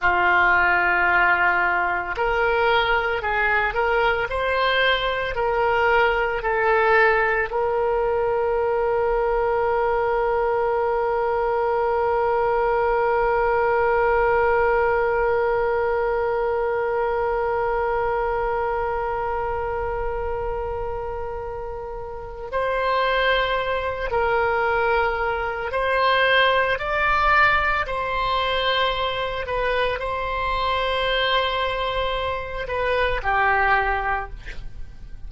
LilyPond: \new Staff \with { instrumentName = "oboe" } { \time 4/4 \tempo 4 = 56 f'2 ais'4 gis'8 ais'8 | c''4 ais'4 a'4 ais'4~ | ais'1~ | ais'1~ |
ais'1~ | ais'4 c''4. ais'4. | c''4 d''4 c''4. b'8 | c''2~ c''8 b'8 g'4 | }